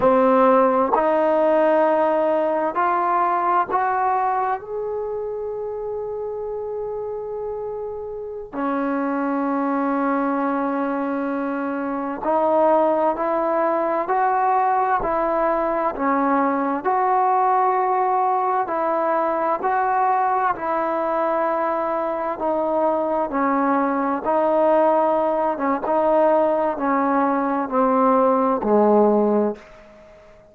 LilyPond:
\new Staff \with { instrumentName = "trombone" } { \time 4/4 \tempo 4 = 65 c'4 dis'2 f'4 | fis'4 gis'2.~ | gis'4~ gis'16 cis'2~ cis'8.~ | cis'4~ cis'16 dis'4 e'4 fis'8.~ |
fis'16 e'4 cis'4 fis'4.~ fis'16~ | fis'16 e'4 fis'4 e'4.~ e'16~ | e'16 dis'4 cis'4 dis'4. cis'16 | dis'4 cis'4 c'4 gis4 | }